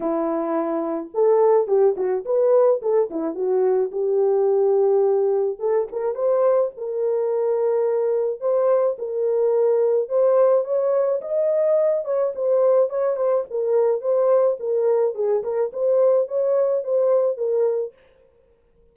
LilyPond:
\new Staff \with { instrumentName = "horn" } { \time 4/4 \tempo 4 = 107 e'2 a'4 g'8 fis'8 | b'4 a'8 e'8 fis'4 g'4~ | g'2 a'8 ais'8 c''4 | ais'2. c''4 |
ais'2 c''4 cis''4 | dis''4. cis''8 c''4 cis''8 c''8 | ais'4 c''4 ais'4 gis'8 ais'8 | c''4 cis''4 c''4 ais'4 | }